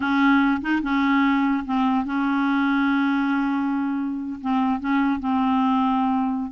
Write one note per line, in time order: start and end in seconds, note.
0.00 0.61 C#4
0.61 0.82 D#4
0.82 1.63 C#4
1.65 2.05 C4
2.05 4.40 C#4
4.41 4.80 C4
4.80 5.19 C#4
5.19 6.51 C4